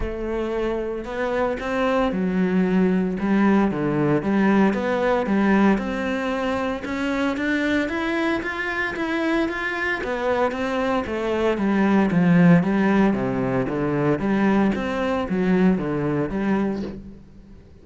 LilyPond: \new Staff \with { instrumentName = "cello" } { \time 4/4 \tempo 4 = 114 a2 b4 c'4 | fis2 g4 d4 | g4 b4 g4 c'4~ | c'4 cis'4 d'4 e'4 |
f'4 e'4 f'4 b4 | c'4 a4 g4 f4 | g4 c4 d4 g4 | c'4 fis4 d4 g4 | }